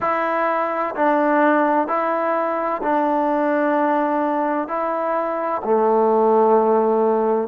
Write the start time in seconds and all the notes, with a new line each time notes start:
0.00 E4
0.95 D4
1.87 E4
2.83 D4
4.67 E4
5.64 A3